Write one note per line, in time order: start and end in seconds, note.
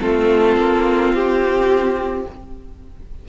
0.00 0.57 A3
0.00 2.26 C4
0.00 2.28 F4
0.00 1.14 A4
0.57 1.13 A#3
1.13 2.26 C4
1.13 2.27 G4